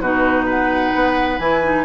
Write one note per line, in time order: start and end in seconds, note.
0.00 0.92 B2
0.00 1.40 D#4
0.00 0.45 F#4
0.00 0.47 B4
0.45 1.84 B4
0.45 1.39 F#5
0.94 1.38 B3
1.38 1.84 E3
1.38 1.63 E4
1.38 1.85 G#5
1.63 1.85 D#4